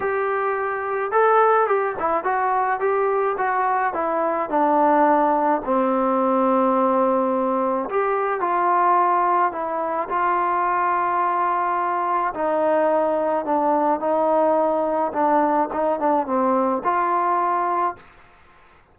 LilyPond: \new Staff \with { instrumentName = "trombone" } { \time 4/4 \tempo 4 = 107 g'2 a'4 g'8 e'8 | fis'4 g'4 fis'4 e'4 | d'2 c'2~ | c'2 g'4 f'4~ |
f'4 e'4 f'2~ | f'2 dis'2 | d'4 dis'2 d'4 | dis'8 d'8 c'4 f'2 | }